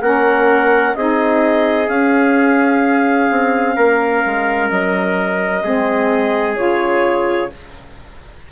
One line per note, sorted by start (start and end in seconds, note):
0.00 0.94 A#3
0.00 0.95 C#4
0.00 0.95 A#4
0.00 0.95 F#5
0.95 1.88 C4
0.95 1.87 D#4
0.95 3.75 G#4
0.95 1.88 D#5
1.87 5.62 C#4
1.87 3.29 C#4
1.87 4.69 F5
3.30 3.77 C4
3.75 4.23 A#3
3.75 5.63 A#4
4.25 4.70 G#3
4.70 5.63 F#3
4.70 6.55 D#5
5.62 6.57 G#3
5.62 6.55 C4
5.62 7.51 G#4
6.55 7.51 C#3
6.55 7.49 F4
6.55 7.49 C#5